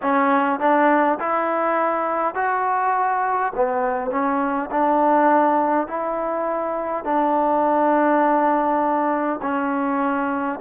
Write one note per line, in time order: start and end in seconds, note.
0.02 0.59 C#4
0.59 1.18 D4
1.19 2.35 E4
2.35 3.52 F#4
3.55 4.11 B3
4.11 4.70 C#4
4.71 5.87 D4
5.87 7.04 E4
7.04 9.40 D4
9.41 10.59 C#4